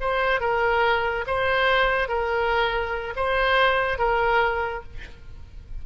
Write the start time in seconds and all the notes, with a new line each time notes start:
0.00 C5
0.40 A#4
1.27 C5
2.08 A#4
3.16 C5
3.98 A#4